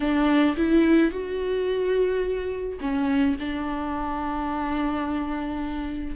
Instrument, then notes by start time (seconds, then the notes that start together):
viola
0.00 D4
0.56 E4
1.11 F#4
2.80 C#4
3.39 D4